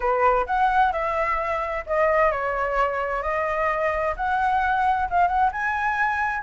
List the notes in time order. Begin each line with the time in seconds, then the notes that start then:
0.00 B4
0.46 F#5
0.92 E5
1.86 D#5
2.31 C#5
3.22 D#5
4.16 F#5
5.10 F5
5.27 F#5
5.52 G#5